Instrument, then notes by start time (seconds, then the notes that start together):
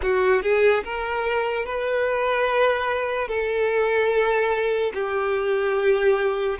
violin
0.01 F#4
0.42 G#4
0.84 A#4
1.65 B4
3.28 A4
4.94 G4